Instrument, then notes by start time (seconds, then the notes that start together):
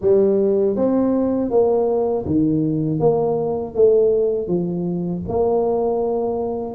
tuba
0.01 G3
0.75 C4
1.50 A#3
2.25 D#3
2.99 A#3
3.74 A3
4.47 F3
5.28 A#3